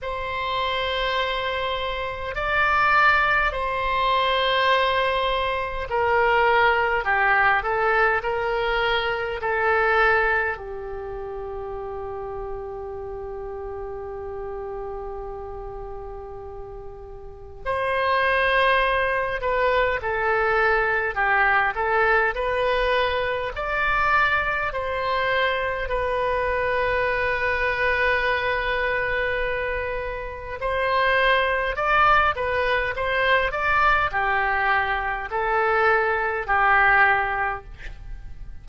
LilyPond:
\new Staff \with { instrumentName = "oboe" } { \time 4/4 \tempo 4 = 51 c''2 d''4 c''4~ | c''4 ais'4 g'8 a'8 ais'4 | a'4 g'2.~ | g'2. c''4~ |
c''8 b'8 a'4 g'8 a'8 b'4 | d''4 c''4 b'2~ | b'2 c''4 d''8 b'8 | c''8 d''8 g'4 a'4 g'4 | }